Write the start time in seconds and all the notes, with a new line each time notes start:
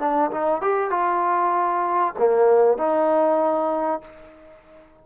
0.00 D4
0.31 D#4
0.62 G4
0.91 F4
2.19 A#3
2.78 D#4